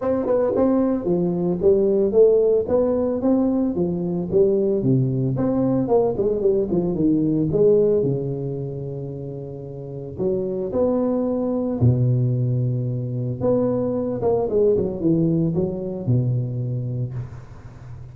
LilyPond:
\new Staff \with { instrumentName = "tuba" } { \time 4/4 \tempo 4 = 112 c'8 b8 c'4 f4 g4 | a4 b4 c'4 f4 | g4 c4 c'4 ais8 gis8 | g8 f8 dis4 gis4 cis4~ |
cis2. fis4 | b2 b,2~ | b,4 b4. ais8 gis8 fis8 | e4 fis4 b,2 | }